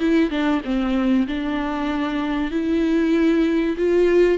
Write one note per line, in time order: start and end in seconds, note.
0.00 0.30 E4
0.30 0.62 D4
0.65 1.28 C4
1.28 2.51 D4
2.51 3.76 E4
3.78 4.39 F4